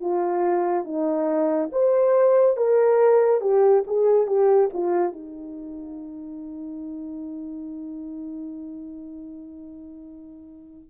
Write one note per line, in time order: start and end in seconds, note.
0.00 0.84 F4
0.84 1.69 D#4
1.71 2.56 C5
2.56 3.40 A#4
3.40 3.83 G4
3.86 4.27 G#4
4.27 4.69 G4
4.73 5.12 F4
5.12 10.90 D#4